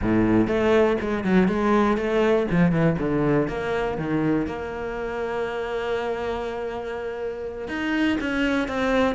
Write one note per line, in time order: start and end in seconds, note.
0.01 0.47 A2
0.47 0.97 A3
1.01 1.24 G#3
1.24 1.47 F#3
1.47 1.97 G#3
1.97 2.46 A3
2.50 2.71 F3
2.71 2.96 E3
2.98 3.48 D3
3.48 3.97 A#3
3.97 4.46 D#3
4.46 7.67 A#3
7.67 8.17 D#4
8.20 8.68 C#4
8.68 9.15 C4